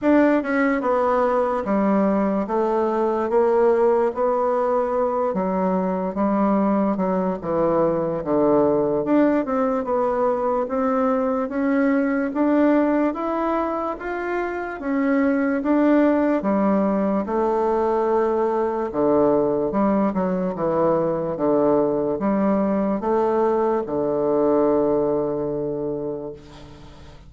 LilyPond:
\new Staff \with { instrumentName = "bassoon" } { \time 4/4 \tempo 4 = 73 d'8 cis'8 b4 g4 a4 | ais4 b4. fis4 g8~ | g8 fis8 e4 d4 d'8 c'8 | b4 c'4 cis'4 d'4 |
e'4 f'4 cis'4 d'4 | g4 a2 d4 | g8 fis8 e4 d4 g4 | a4 d2. | }